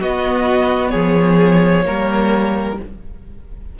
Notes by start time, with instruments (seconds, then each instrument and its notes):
0.00 cello B3, viola B3, violin F#4 D#5
0.90 cello F3, violin G#4 C#5
1.85 cello G3, viola A#3, violin A#4